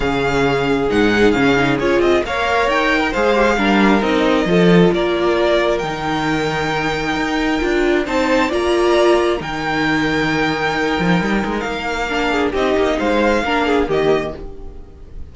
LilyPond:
<<
  \new Staff \with { instrumentName = "violin" } { \time 4/4 \tempo 4 = 134 f''2 fis''4 f''4 | cis''8 dis''8 f''4 g''4 f''4~ | f''4 dis''2 d''4~ | d''4 g''2.~ |
g''2 a''4 ais''4~ | ais''4 g''2.~ | g''2 f''2 | dis''4 f''2 dis''4 | }
  \new Staff \with { instrumentName = "violin" } { \time 4/4 gis'1~ | gis'4 cis''4.~ cis''16 ais'16 c''4 | ais'2 a'4 ais'4~ | ais'1~ |
ais'2 c''4 d''4~ | d''4 ais'2.~ | ais'2.~ ais'8 gis'8 | g'4 c''4 ais'8 gis'8 g'4 | }
  \new Staff \with { instrumentName = "viola" } { \time 4/4 cis'2 dis'4 cis'8 dis'8 | f'4 ais'2 gis'8 g'16 gis'16 | d'4 dis'4 f'2~ | f'4 dis'2.~ |
dis'4 f'4 dis'4 f'4~ | f'4 dis'2.~ | dis'2. d'4 | dis'2 d'4 ais4 | }
  \new Staff \with { instrumentName = "cello" } { \time 4/4 cis2 gis,4 cis4 | cis'8 c'8 ais4 dis'4 gis4 | g4 c'4 f4 ais4~ | ais4 dis2. |
dis'4 d'4 c'4 ais4~ | ais4 dis2.~ | dis8 f8 g8 gis8 ais2 | c'8 ais8 gis4 ais4 dis4 | }
>>